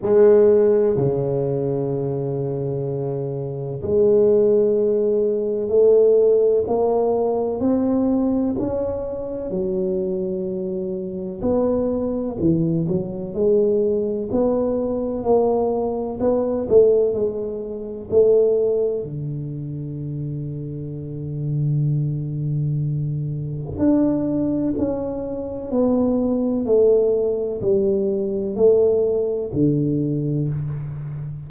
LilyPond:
\new Staff \with { instrumentName = "tuba" } { \time 4/4 \tempo 4 = 63 gis4 cis2. | gis2 a4 ais4 | c'4 cis'4 fis2 | b4 e8 fis8 gis4 b4 |
ais4 b8 a8 gis4 a4 | d1~ | d4 d'4 cis'4 b4 | a4 g4 a4 d4 | }